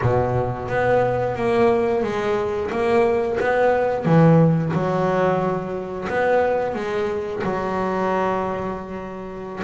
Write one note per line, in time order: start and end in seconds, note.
0.01 0.68 B2
0.68 1.35 B3
1.36 2.03 A#3
2.03 2.70 G#3
2.70 3.38 A#3
3.40 4.05 B3
4.05 4.72 E3
4.73 6.07 F#3
6.08 6.74 B3
6.74 7.42 G#3
7.43 9.62 F#3